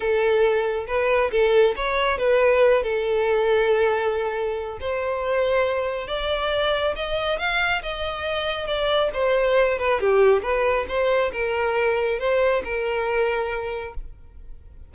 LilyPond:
\new Staff \with { instrumentName = "violin" } { \time 4/4 \tempo 4 = 138 a'2 b'4 a'4 | cis''4 b'4. a'4.~ | a'2. c''4~ | c''2 d''2 |
dis''4 f''4 dis''2 | d''4 c''4. b'8 g'4 | b'4 c''4 ais'2 | c''4 ais'2. | }